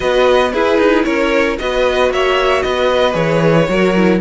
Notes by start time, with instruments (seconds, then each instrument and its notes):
0.00 cello B3, viola F#4, violin B4 D#5
0.52 viola E4, cello E4, violin G#4 B4
0.78 cello D#4
1.04 cello C#4, violin A#4 C#5
1.58 cello B3, viola F#4, violin B4 D#5
2.10 cello A#3, violin C#5 E5
2.62 cello B3, violin B4 D#5
3.12 cello E3, viola G#4, violin C#5
3.68 cello F#3, viola F#4, violin A#4
3.95 viola E4